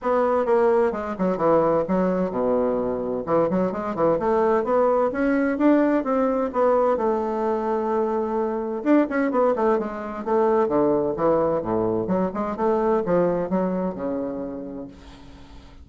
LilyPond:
\new Staff \with { instrumentName = "bassoon" } { \time 4/4 \tempo 4 = 129 b4 ais4 gis8 fis8 e4 | fis4 b,2 e8 fis8 | gis8 e8 a4 b4 cis'4 | d'4 c'4 b4 a4~ |
a2. d'8 cis'8 | b8 a8 gis4 a4 d4 | e4 a,4 fis8 gis8 a4 | f4 fis4 cis2 | }